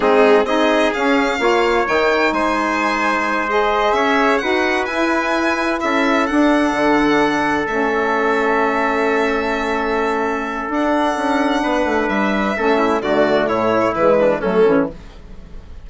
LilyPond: <<
  \new Staff \with { instrumentName = "violin" } { \time 4/4 \tempo 4 = 129 gis'4 dis''4 f''2 | g''4 gis''2~ gis''8 dis''8~ | dis''8 e''4 fis''4 gis''4.~ | gis''8 e''4 fis''2~ fis''8~ |
fis''8 e''2.~ e''8~ | e''2. fis''4~ | fis''2 e''2 | d''4 cis''4 b'4 a'4 | }
  \new Staff \with { instrumentName = "trumpet" } { \time 4/4 dis'4 gis'2 cis''4~ | cis''4 c''2.~ | c''8 cis''4 b'2~ b'8~ | b'8 a'2.~ a'8~ |
a'1~ | a'1~ | a'4 b'2 a'8 e'8 | fis'4 e'4. d'8 cis'4 | }
  \new Staff \with { instrumentName = "saxophone" } { \time 4/4 c'4 dis'4 cis'4 f'4 | dis'2.~ dis'8 gis'8~ | gis'4. fis'4 e'4.~ | e'4. d'2~ d'8~ |
d'8 cis'2.~ cis'8~ | cis'2. d'4~ | d'2. cis'4 | a2 gis4 a8 cis'8 | }
  \new Staff \with { instrumentName = "bassoon" } { \time 4/4 gis4 c'4 cis'4 ais4 | dis4 gis2.~ | gis8 cis'4 dis'4 e'4.~ | e'8 cis'4 d'4 d4.~ |
d8 a2.~ a8~ | a2. d'4 | cis'4 b8 a8 g4 a4 | d4 a,4 e4 fis8 e8 | }
>>